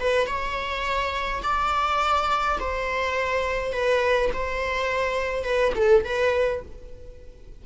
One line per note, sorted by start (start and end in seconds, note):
0.00 0.27 B4
0.27 1.42 C#5
1.43 2.58 D5
2.60 3.72 C5
3.72 4.30 B4
4.33 5.44 C5
5.44 5.73 B4
5.76 6.04 A4
6.04 6.62 B4